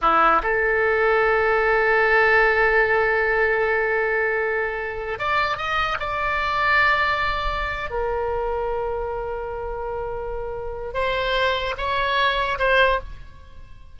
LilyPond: \new Staff \with { instrumentName = "oboe" } { \time 4/4 \tempo 4 = 148 e'4 a'2.~ | a'1~ | a'1~ | a'8. d''4 dis''4 d''4~ d''16~ |
d''2.~ d''8 ais'8~ | ais'1~ | ais'2. c''4~ | c''4 cis''2 c''4 | }